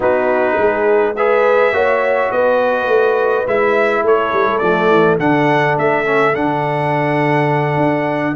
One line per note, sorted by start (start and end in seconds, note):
0.00 0.57 B3
0.00 1.15 D#4
0.00 0.57 F#4
0.00 1.16 B4
0.57 1.72 G#3
0.57 1.16 G#4
1.16 1.73 G#4
1.16 1.74 B4
1.16 2.31 E5
1.72 2.29 A#3
1.72 3.46 F#4
1.72 2.30 C#5
2.30 2.86 B3
2.30 4.03 B4
2.30 3.47 D#5
2.86 3.44 A3
3.46 4.03 G#3
3.46 4.62 E4
3.46 4.05 E5
4.03 4.32 A3
4.03 8.35 A4
4.03 4.58 C#5
4.33 4.47 G3
4.47 4.61 A3
4.58 4.89 F3
4.58 5.19 A3
4.58 5.15 D5
4.89 5.18 E3
5.19 5.77 D3
5.19 6.04 D4
5.19 5.77 F#5
5.77 6.34 A3
5.77 6.35 E5
6.04 6.33 C#4
6.34 7.76 D3
6.34 8.35 D4
6.34 8.35 F#5
7.76 8.34 D4